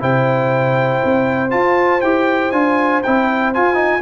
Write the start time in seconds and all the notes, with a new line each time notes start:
0.00 C3 E4 C5 G5
1.05 C4
1.50 F4 A5
2.01 E4 G4 G5
2.52 D4 F4 G#5
3.03 C4 E4 G5
3.54 F4 G#5
3.74 D#4